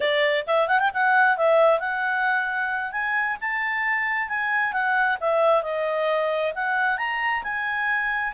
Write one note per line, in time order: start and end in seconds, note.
0.00 0.45 D5
0.47 0.68 E5
0.68 0.79 F#5
0.79 0.90 G5
0.93 1.37 F#5
1.37 1.79 E5
1.79 2.92 F#5
2.92 3.37 G#5
3.40 4.28 A5
4.28 4.72 G#5
4.72 5.17 F#5
5.20 5.62 E5
5.62 6.53 D#5
6.54 6.97 F#5
6.97 7.43 A#5
7.43 8.33 G#5